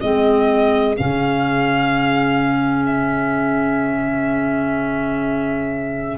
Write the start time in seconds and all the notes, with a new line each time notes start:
0.00 G#3 C4 G#4 D#5
0.95 C#3 C#4 F5
2.86 E5